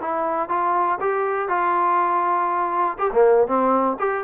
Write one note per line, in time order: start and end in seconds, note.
0.00 0.48 E4
0.48 0.98 F4
1.00 1.48 G4
1.48 2.97 F4
2.98 3.10 G4
3.12 3.47 A#3
3.47 3.96 C4
3.99 4.24 G4